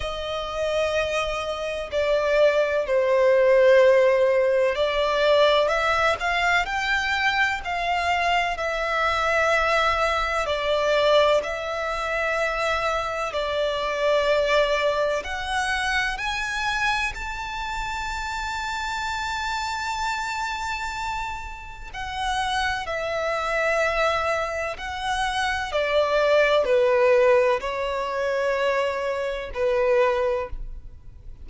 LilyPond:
\new Staff \with { instrumentName = "violin" } { \time 4/4 \tempo 4 = 63 dis''2 d''4 c''4~ | c''4 d''4 e''8 f''8 g''4 | f''4 e''2 d''4 | e''2 d''2 |
fis''4 gis''4 a''2~ | a''2. fis''4 | e''2 fis''4 d''4 | b'4 cis''2 b'4 | }